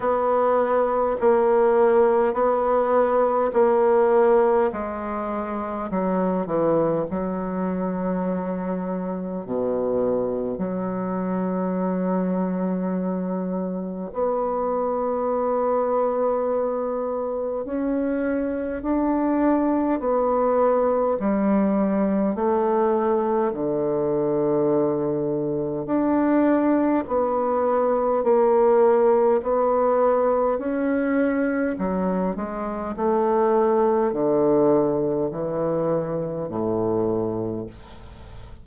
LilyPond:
\new Staff \with { instrumentName = "bassoon" } { \time 4/4 \tempo 4 = 51 b4 ais4 b4 ais4 | gis4 fis8 e8 fis2 | b,4 fis2. | b2. cis'4 |
d'4 b4 g4 a4 | d2 d'4 b4 | ais4 b4 cis'4 fis8 gis8 | a4 d4 e4 a,4 | }